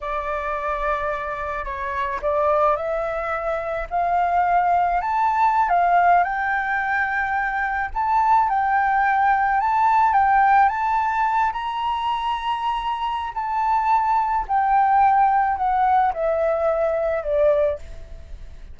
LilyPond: \new Staff \with { instrumentName = "flute" } { \time 4/4 \tempo 4 = 108 d''2. cis''4 | d''4 e''2 f''4~ | f''4 a''4~ a''16 f''4 g''8.~ | g''2~ g''16 a''4 g''8.~ |
g''4~ g''16 a''4 g''4 a''8.~ | a''8. ais''2.~ ais''16 | a''2 g''2 | fis''4 e''2 d''4 | }